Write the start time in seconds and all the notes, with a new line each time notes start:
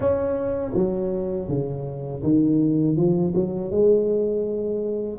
0.00 C#4
0.74 F#3
1.48 C#3
2.23 D#3
2.96 F3
3.34 F#3
3.70 G#3